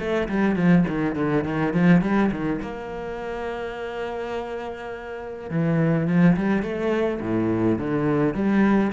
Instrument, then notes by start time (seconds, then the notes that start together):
cello
0.00 A3
0.29 G3
0.56 F3
0.88 D#3
1.16 D3
1.45 D#3
1.74 F3
2.02 G3
2.32 D#3
2.62 A#3
5.50 E3
6.08 F3
6.37 G3
6.63 A3
7.21 A2
7.79 D3
8.34 G3